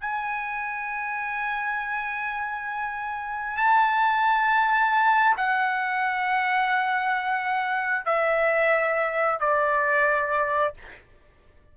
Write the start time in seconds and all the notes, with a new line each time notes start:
0.00 G#5
3.57 A5
5.36 F#5
8.05 E5
9.39 D5